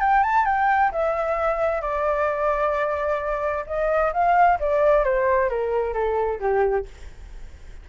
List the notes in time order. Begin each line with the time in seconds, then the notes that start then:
0.00 G5
0.23 A5
0.46 G5
0.92 E5
1.81 D5
3.66 D#5
4.13 F5
4.60 D5
5.04 C5
5.49 A#4
5.93 A4
6.40 G4